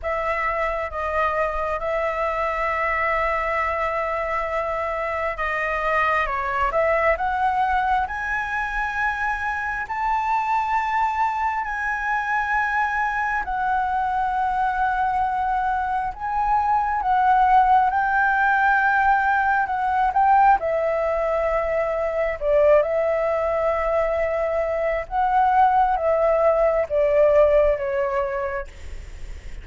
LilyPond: \new Staff \with { instrumentName = "flute" } { \time 4/4 \tempo 4 = 67 e''4 dis''4 e''2~ | e''2 dis''4 cis''8 e''8 | fis''4 gis''2 a''4~ | a''4 gis''2 fis''4~ |
fis''2 gis''4 fis''4 | g''2 fis''8 g''8 e''4~ | e''4 d''8 e''2~ e''8 | fis''4 e''4 d''4 cis''4 | }